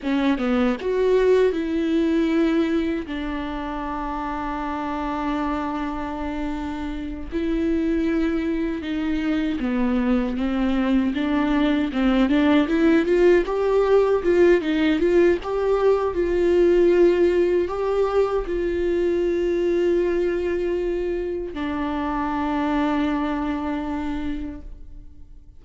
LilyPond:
\new Staff \with { instrumentName = "viola" } { \time 4/4 \tempo 4 = 78 cis'8 b8 fis'4 e'2 | d'1~ | d'4. e'2 dis'8~ | dis'8 b4 c'4 d'4 c'8 |
d'8 e'8 f'8 g'4 f'8 dis'8 f'8 | g'4 f'2 g'4 | f'1 | d'1 | }